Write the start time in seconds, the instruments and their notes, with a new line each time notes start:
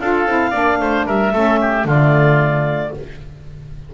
0.00 double bass D4, saxophone F4, oboe A4, clarinet F5
0.27 double bass C4, saxophone E4
0.51 double bass A#3, saxophone D4, oboe D5
0.80 double bass A3, oboe C5
1.06 double bass G3, oboe A#4, clarinet E5
1.33 double bass A3, saxophone C#4, oboe A4
1.61 oboe G4
1.85 double bass D3, saxophone A3, oboe F4, clarinet D5